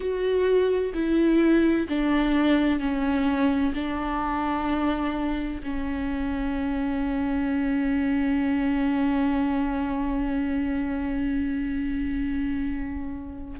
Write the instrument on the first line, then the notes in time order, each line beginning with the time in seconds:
viola
0.00 F#4
0.94 E4
1.88 D4
2.79 C#4
3.74 D4
5.62 C#4